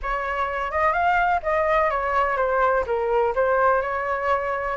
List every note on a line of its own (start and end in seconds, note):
0.02 0.71 C#5
0.71 0.92 D#5
0.92 1.40 F5
1.42 1.90 D#5
1.90 2.37 C#5
2.37 2.84 C5
2.86 3.34 A#4
3.35 3.81 C5
3.81 4.76 C#5